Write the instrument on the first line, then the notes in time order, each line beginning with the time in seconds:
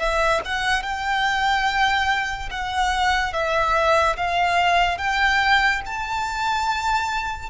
violin
0.00 E5
0.45 F#5
0.83 G5
2.51 F#5
3.34 E5
4.17 F5
4.98 G5
5.86 A5